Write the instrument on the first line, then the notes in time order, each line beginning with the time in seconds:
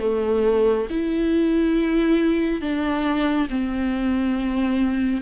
viola
0.00 A3
0.90 E4
2.61 D4
3.50 C4